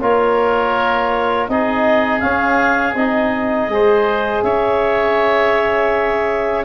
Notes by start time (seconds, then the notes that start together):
0.00 A#3 F4 A#4 C#5
1.48 C4 D#4 G#4 D#5
2.19 C#4 F5
2.94 C4 D#4 D#5
3.68 G#3 G#4 C5
4.42 C#4 C#5 E5